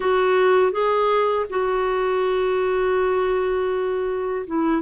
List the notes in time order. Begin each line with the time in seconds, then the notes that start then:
0.00 F#4
0.72 G#4
1.49 F#4
4.46 E4